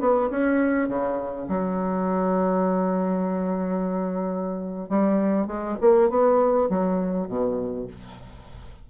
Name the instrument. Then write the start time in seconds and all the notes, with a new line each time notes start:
bassoon
0.00 B3
0.30 C#4
0.88 C#3
1.48 F#3
4.89 G3
5.47 G#3
5.81 A#3
6.10 B3
6.69 F#3
7.28 B2